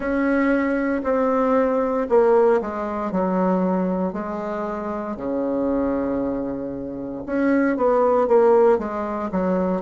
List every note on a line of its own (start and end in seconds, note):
0.00 1.02 C#4
1.03 2.07 C4
2.09 2.61 A#3
2.61 3.11 G#3
3.11 4.12 F#3
4.12 5.16 G#3
5.16 7.23 C#3
7.26 7.76 C#4
7.76 8.28 B3
8.28 8.78 A#3
8.78 9.30 G#3
9.31 9.81 F#3